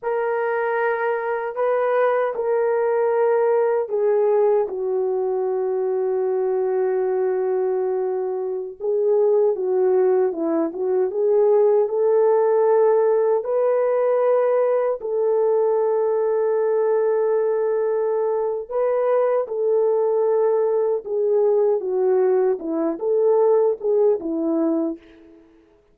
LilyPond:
\new Staff \with { instrumentName = "horn" } { \time 4/4 \tempo 4 = 77 ais'2 b'4 ais'4~ | ais'4 gis'4 fis'2~ | fis'2.~ fis'16 gis'8.~ | gis'16 fis'4 e'8 fis'8 gis'4 a'8.~ |
a'4~ a'16 b'2 a'8.~ | a'1 | b'4 a'2 gis'4 | fis'4 e'8 a'4 gis'8 e'4 | }